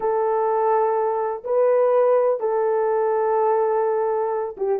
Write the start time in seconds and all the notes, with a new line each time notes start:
0.00 A4
1.44 B4
2.40 A4
4.57 G4